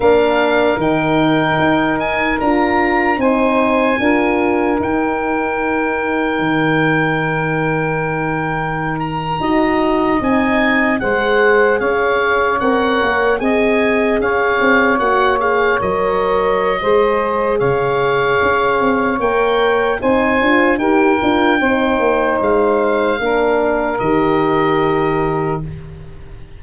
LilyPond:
<<
  \new Staff \with { instrumentName = "oboe" } { \time 4/4 \tempo 4 = 75 f''4 g''4. gis''8 ais''4 | gis''2 g''2~ | g''2.~ g''16 ais''8.~ | ais''8. gis''4 fis''4 f''4 fis''16~ |
fis''8. gis''4 f''4 fis''8 f''8 dis''16~ | dis''2 f''2 | g''4 gis''4 g''2 | f''2 dis''2 | }
  \new Staff \with { instrumentName = "saxophone" } { \time 4/4 ais'1 | c''4 ais'2.~ | ais'2.~ ais'8. dis''16~ | dis''4.~ dis''16 c''4 cis''4~ cis''16~ |
cis''8. dis''4 cis''2~ cis''16~ | cis''4 c''4 cis''2~ | cis''4 c''4 ais'4 c''4~ | c''4 ais'2. | }
  \new Staff \with { instrumentName = "horn" } { \time 4/4 d'4 dis'2 f'4 | dis'4 f'4 dis'2~ | dis'2.~ dis'8. fis'16~ | fis'8. dis'4 gis'2 ais'16~ |
ais'8. gis'2 fis'8 gis'8 ais'16~ | ais'4 gis'2. | ais'4 dis'8 f'8 g'8 f'8 dis'4~ | dis'4 d'4 g'2 | }
  \new Staff \with { instrumentName = "tuba" } { \time 4/4 ais4 dis4 dis'4 d'4 | c'4 d'4 dis'2 | dis2.~ dis8. dis'16~ | dis'8. c'4 gis4 cis'4 c'16~ |
c'16 ais8 c'4 cis'8 c'8 ais4 fis16~ | fis4 gis4 cis4 cis'8 c'8 | ais4 c'8 d'8 dis'8 d'8 c'8 ais8 | gis4 ais4 dis2 | }
>>